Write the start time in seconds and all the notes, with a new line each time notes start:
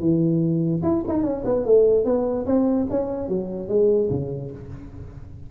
0.00 E3
0.83 E4
1.08 D#4
1.23 C#4
1.45 B3
1.65 A3
2.05 B3
2.46 C4
2.90 C#4
3.29 F#3
3.69 G#3
4.10 C#3